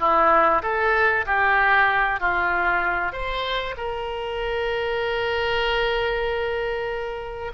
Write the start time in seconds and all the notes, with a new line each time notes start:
0.00 E4
0.63 A4
1.26 G4
2.20 F4
3.13 C5
3.77 A#4